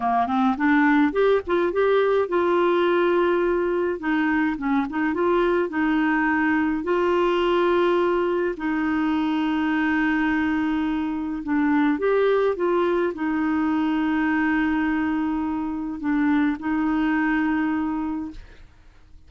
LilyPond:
\new Staff \with { instrumentName = "clarinet" } { \time 4/4 \tempo 4 = 105 ais8 c'8 d'4 g'8 f'8 g'4 | f'2. dis'4 | cis'8 dis'8 f'4 dis'2 | f'2. dis'4~ |
dis'1 | d'4 g'4 f'4 dis'4~ | dis'1 | d'4 dis'2. | }